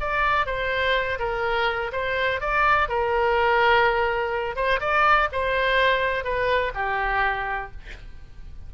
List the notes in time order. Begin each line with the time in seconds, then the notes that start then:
0.00 D5
0.46 C5
1.19 A#4
1.92 C5
2.40 D5
2.88 A#4
4.55 C5
4.80 D5
5.32 C5
6.24 B4
6.74 G4